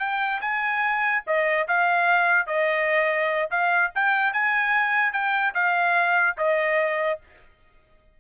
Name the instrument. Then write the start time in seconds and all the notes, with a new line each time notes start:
trumpet
0.00 G5
0.41 G#5
1.27 D#5
1.68 F5
2.47 D#5
3.51 F5
3.95 G5
4.33 G#5
5.13 G5
5.55 F5
6.38 D#5